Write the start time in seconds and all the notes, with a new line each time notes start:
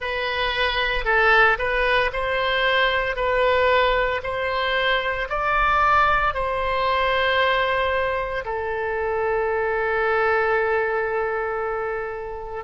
0.00 B4
1.04 A4
1.58 B4
2.12 C5
3.16 B4
4.23 C5
5.29 D5
6.33 C5
8.44 A4